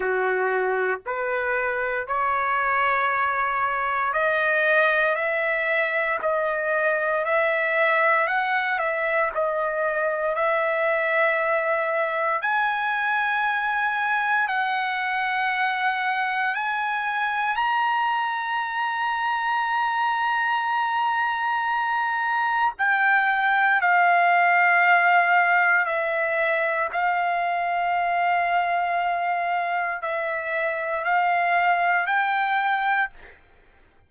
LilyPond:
\new Staff \with { instrumentName = "trumpet" } { \time 4/4 \tempo 4 = 58 fis'4 b'4 cis''2 | dis''4 e''4 dis''4 e''4 | fis''8 e''8 dis''4 e''2 | gis''2 fis''2 |
gis''4 ais''2.~ | ais''2 g''4 f''4~ | f''4 e''4 f''2~ | f''4 e''4 f''4 g''4 | }